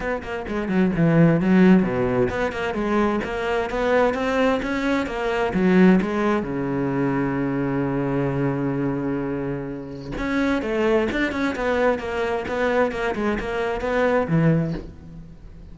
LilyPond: \new Staff \with { instrumentName = "cello" } { \time 4/4 \tempo 4 = 130 b8 ais8 gis8 fis8 e4 fis4 | b,4 b8 ais8 gis4 ais4 | b4 c'4 cis'4 ais4 | fis4 gis4 cis2~ |
cis1~ | cis2 cis'4 a4 | d'8 cis'8 b4 ais4 b4 | ais8 gis8 ais4 b4 e4 | }